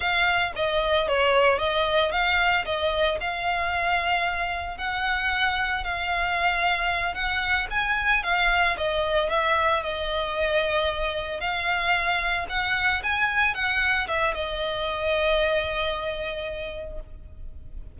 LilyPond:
\new Staff \with { instrumentName = "violin" } { \time 4/4 \tempo 4 = 113 f''4 dis''4 cis''4 dis''4 | f''4 dis''4 f''2~ | f''4 fis''2 f''4~ | f''4. fis''4 gis''4 f''8~ |
f''8 dis''4 e''4 dis''4.~ | dis''4. f''2 fis''8~ | fis''8 gis''4 fis''4 e''8 dis''4~ | dis''1 | }